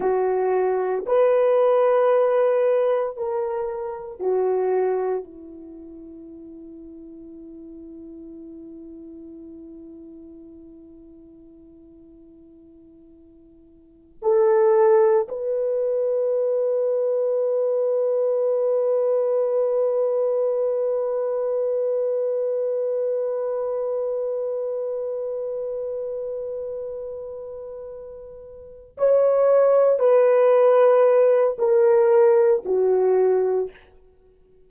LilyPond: \new Staff \with { instrumentName = "horn" } { \time 4/4 \tempo 4 = 57 fis'4 b'2 ais'4 | fis'4 e'2.~ | e'1~ | e'4. a'4 b'4.~ |
b'1~ | b'1~ | b'2.~ b'8 cis''8~ | cis''8 b'4. ais'4 fis'4 | }